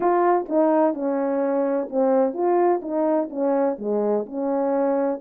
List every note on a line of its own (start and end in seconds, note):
0.00 0.46 F4
0.48 0.94 D#4
0.94 1.88 C#4
1.90 2.33 C4
2.33 2.80 F4
2.82 3.29 D#4
3.29 3.77 C#4
3.78 4.25 G#3
4.26 5.20 C#4